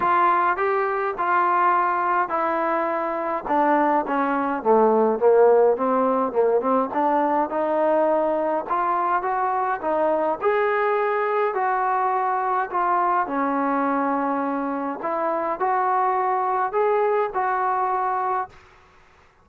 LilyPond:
\new Staff \with { instrumentName = "trombone" } { \time 4/4 \tempo 4 = 104 f'4 g'4 f'2 | e'2 d'4 cis'4 | a4 ais4 c'4 ais8 c'8 | d'4 dis'2 f'4 |
fis'4 dis'4 gis'2 | fis'2 f'4 cis'4~ | cis'2 e'4 fis'4~ | fis'4 gis'4 fis'2 | }